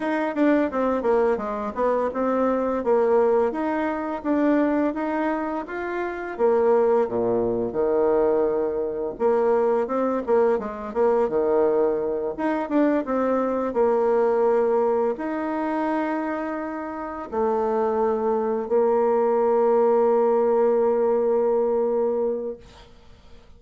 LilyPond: \new Staff \with { instrumentName = "bassoon" } { \time 4/4 \tempo 4 = 85 dis'8 d'8 c'8 ais8 gis8 b8 c'4 | ais4 dis'4 d'4 dis'4 | f'4 ais4 ais,4 dis4~ | dis4 ais4 c'8 ais8 gis8 ais8 |
dis4. dis'8 d'8 c'4 ais8~ | ais4. dis'2~ dis'8~ | dis'8 a2 ais4.~ | ais1 | }